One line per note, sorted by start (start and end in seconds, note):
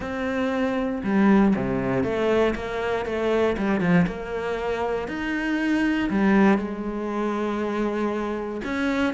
0.00 1.01 C4
1.03 1.54 G3
1.56 2.03 C3
2.03 2.54 A3
2.55 3.05 A#3
3.05 3.56 A3
3.57 3.80 G3
3.80 4.06 F3
4.06 5.08 A#3
5.08 6.09 D#4
6.10 6.58 G3
6.58 8.61 G#3
8.64 9.13 C#4